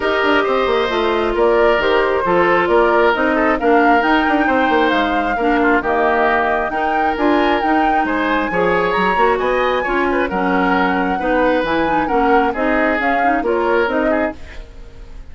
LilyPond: <<
  \new Staff \with { instrumentName = "flute" } { \time 4/4 \tempo 4 = 134 dis''2. d''4 | c''2 d''4 dis''4 | f''4 g''2 f''4~ | f''4 dis''2 g''4 |
gis''4 g''4 gis''2 | ais''4 gis''2 fis''4~ | fis''2 gis''4 fis''4 | dis''4 f''4 cis''4 dis''4 | }
  \new Staff \with { instrumentName = "oboe" } { \time 4/4 ais'4 c''2 ais'4~ | ais'4 a'4 ais'4. a'8 | ais'2 c''2 | ais'8 f'8 g'2 ais'4~ |
ais'2 c''4 cis''4~ | cis''4 dis''4 cis''8 b'8 ais'4~ | ais'4 b'2 ais'4 | gis'2 ais'4. gis'8 | }
  \new Staff \with { instrumentName = "clarinet" } { \time 4/4 g'2 f'2 | g'4 f'2 dis'4 | d'4 dis'2. | d'4 ais2 dis'4 |
f'4 dis'2 gis'4~ | gis'8 fis'4. f'4 cis'4~ | cis'4 dis'4 e'8 dis'8 cis'4 | dis'4 cis'8 dis'8 f'4 dis'4 | }
  \new Staff \with { instrumentName = "bassoon" } { \time 4/4 dis'8 d'8 c'8 ais8 a4 ais4 | dis4 f4 ais4 c'4 | ais4 dis'8 d'8 c'8 ais8 gis4 | ais4 dis2 dis'4 |
d'4 dis'4 gis4 f4 | fis8 ais8 b4 cis'4 fis4~ | fis4 b4 e4 ais4 | c'4 cis'4 ais4 c'4 | }
>>